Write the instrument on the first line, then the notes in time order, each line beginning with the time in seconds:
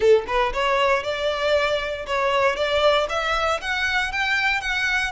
violin
0.00 A4
0.27 B4
0.53 C#5
1.03 D5
2.06 C#5
2.56 D5
3.09 E5
3.61 F#5
4.12 G5
4.61 F#5